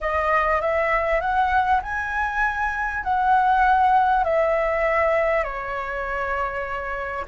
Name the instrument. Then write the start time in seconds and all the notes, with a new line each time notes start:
flute
0.00 D#5
0.61 E5
1.20 F#5
1.82 G#5
3.03 F#5
4.23 E5
5.43 C#5